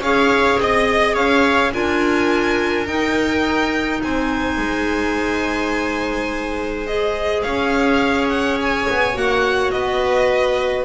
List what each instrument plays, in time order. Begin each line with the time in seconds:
0.00 double bass C#4, clarinet G#4, viola C#5, violin F5
0.59 double bass C4, violin D#5, viola D#5
1.14 double bass C#4, viola C#5, violin F5
1.73 double bass D4, clarinet F4, viola A#4, violin G#5
2.87 clarinet D#4, double bass D#4, violin G5
4.02 double bass C4, viola C5, violin G#5
4.58 double bass G#3
6.87 clarinet G#4, violin D#5
7.42 double bass C#4, viola C#5, violin F5
8.29 violin F#5
8.61 violin G#5
8.90 double bass B3
9.14 double bass A#3, clarinet F#4, violin F#5
9.71 double bass B3, viola B4, violin D#5